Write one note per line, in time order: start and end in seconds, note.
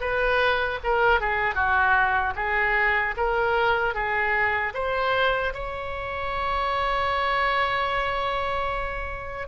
0.00 0.79 B4
0.84 1.20 A#4
1.20 1.54 G#4
1.54 2.33 F#4
2.35 3.14 G#4
3.17 3.94 A#4
3.94 4.73 G#4
4.74 5.53 C5
5.53 9.47 C#5